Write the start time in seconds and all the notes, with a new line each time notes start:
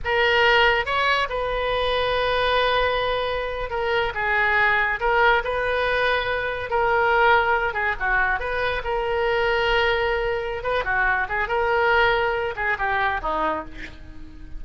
0.04 A#4
0.85 C#5
1.29 B4
3.70 A#4
4.14 G#4
5.00 A#4
5.44 B4
6.70 A#4
7.73 G#4
7.99 F#4
8.39 B4
8.83 A#4
10.63 B4
10.84 F#4
11.29 G#4
11.48 A#4
12.56 G#4
12.78 G4
13.22 D#4